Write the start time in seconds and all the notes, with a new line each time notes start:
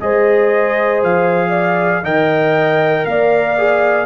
0.00 G#3 G#4 C5 D#5
1.03 F3 F5
1.50 D5
2.03 D#3 A#4 D#5 G5
3.06 A#3 D5 F5
3.58 G#4